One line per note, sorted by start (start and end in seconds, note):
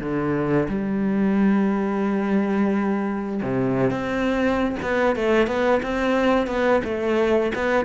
0.00 0.68 D3
0.69 3.42 G3
3.43 3.91 C3
3.91 4.76 C4
4.83 5.16 B3
5.16 5.47 A3
5.47 5.81 B3
5.83 6.48 C4
6.48 6.82 B3
6.85 7.53 A3
7.55 7.86 B3